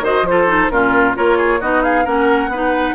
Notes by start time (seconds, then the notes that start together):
0.00 D#3 F#4 C5 D#5
0.22 F3 C5
0.28 F4 A4
0.47 D#4
0.69 A#2 C#4 F4 A#4
1.14 A#3 F4 A#4 C#5
1.37 G#4
1.60 B3 D#4 F#4 D#5
1.83 G#4 F5
2.04 A#3 C#4 A#4 F#5
2.48 B3 D#4 B4